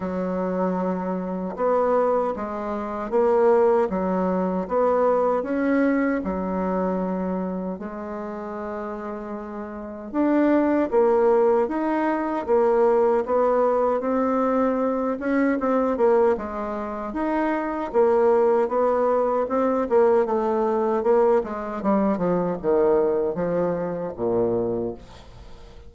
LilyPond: \new Staff \with { instrumentName = "bassoon" } { \time 4/4 \tempo 4 = 77 fis2 b4 gis4 | ais4 fis4 b4 cis'4 | fis2 gis2~ | gis4 d'4 ais4 dis'4 |
ais4 b4 c'4. cis'8 | c'8 ais8 gis4 dis'4 ais4 | b4 c'8 ais8 a4 ais8 gis8 | g8 f8 dis4 f4 ais,4 | }